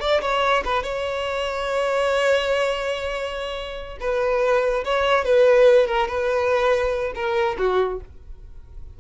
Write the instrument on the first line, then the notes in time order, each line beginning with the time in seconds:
violin
0.00 D5
0.21 C#5
0.65 B4
0.83 C#5
4.00 B4
4.84 C#5
5.24 B4
5.87 A#4
6.08 B4
7.15 A#4
7.58 F#4